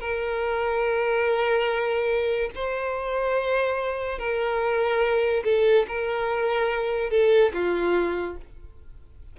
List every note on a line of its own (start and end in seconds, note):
0.00 2.50 A#4
2.55 4.19 C5
4.19 5.44 A#4
5.44 5.86 A4
5.87 7.10 A#4
7.10 7.52 A4
7.53 8.36 F4